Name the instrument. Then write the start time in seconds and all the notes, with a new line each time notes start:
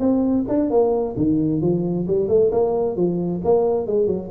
tuba
0.00 C4
0.49 D4
0.71 A#3
1.17 D#3
1.62 F3
2.08 G3
2.28 A3
2.52 A#3
2.96 F3
3.44 A#3
3.87 G#3
4.07 F#3